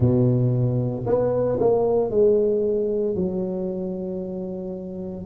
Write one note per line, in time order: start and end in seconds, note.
0.00 1.05 B2
1.06 1.58 B3
1.60 2.10 A#3
2.10 3.15 G#3
3.15 5.25 F#3